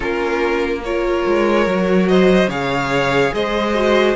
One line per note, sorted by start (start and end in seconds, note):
0.00 1.25 A#3
0.00 0.82 C#4
0.00 0.81 F4
0.00 0.82 A#4
0.84 1.67 F4
0.84 2.09 A#4
0.84 2.08 C#5
1.27 1.66 G#3
1.66 2.47 F#3
1.66 2.49 F#4
2.08 2.49 C5
2.08 2.49 D#5
2.47 3.30 C#3
2.47 3.74 G#4
2.47 3.33 C#5
2.47 3.34 F5
3.33 4.15 G#3
3.33 4.15 C5
3.33 4.15 D#5
3.74 4.15 F#4